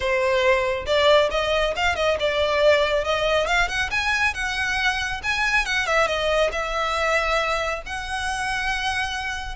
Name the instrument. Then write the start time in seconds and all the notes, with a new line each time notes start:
violin
0.00 C5
0.86 D5
1.30 D#5
1.76 F5
1.95 D#5
2.19 D5
3.04 D#5
3.46 F5
3.68 F#5
3.90 G#5
4.34 F#5
5.23 G#5
5.65 F#5
5.86 E5
6.07 D#5
6.51 E5
7.86 F#5